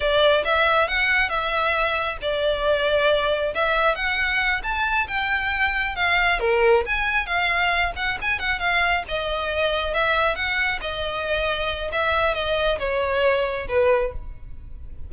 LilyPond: \new Staff \with { instrumentName = "violin" } { \time 4/4 \tempo 4 = 136 d''4 e''4 fis''4 e''4~ | e''4 d''2. | e''4 fis''4. a''4 g''8~ | g''4. f''4 ais'4 gis''8~ |
gis''8 f''4. fis''8 gis''8 fis''8 f''8~ | f''8 dis''2 e''4 fis''8~ | fis''8 dis''2~ dis''8 e''4 | dis''4 cis''2 b'4 | }